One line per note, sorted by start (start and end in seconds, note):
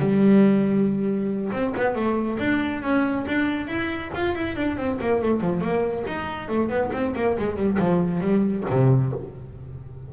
0.00 1.51 G3
1.52 1.74 C4
1.77 1.95 B3
1.95 2.38 A3
2.39 2.82 D4
2.82 3.26 C#4
3.27 3.68 D4
3.68 4.11 E4
4.15 4.35 F4
4.35 4.56 E4
4.56 4.77 D4
4.77 4.99 C4
5.01 5.22 A#3
5.22 5.41 A3
5.41 5.61 F3
5.61 6.04 A#3
6.07 6.49 D#4
6.49 6.69 A3
6.69 6.91 B3
6.93 7.14 C4
7.15 7.37 A#3
7.38 7.56 G#3
7.56 7.78 G3
7.79 8.21 F3
8.21 8.64 G3
8.70 9.13 C3